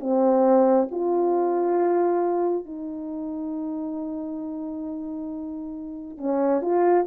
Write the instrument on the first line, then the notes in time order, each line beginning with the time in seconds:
horn
0.00 C4
0.91 F4
2.66 D#4
6.17 C#4
6.61 F4